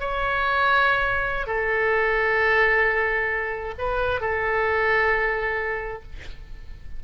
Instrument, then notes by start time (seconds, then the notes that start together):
oboe
0.00 C#5
1.47 A4
3.78 B4
4.21 A4